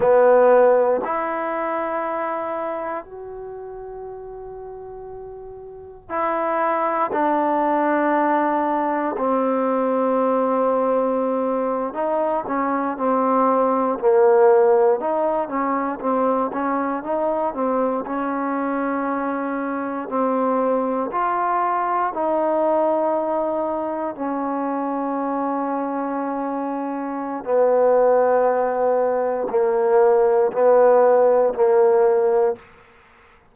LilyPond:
\new Staff \with { instrumentName = "trombone" } { \time 4/4 \tempo 4 = 59 b4 e'2 fis'4~ | fis'2 e'4 d'4~ | d'4 c'2~ c'8. dis'16~ | dis'16 cis'8 c'4 ais4 dis'8 cis'8 c'16~ |
c'16 cis'8 dis'8 c'8 cis'2 c'16~ | c'8. f'4 dis'2 cis'16~ | cis'2. b4~ | b4 ais4 b4 ais4 | }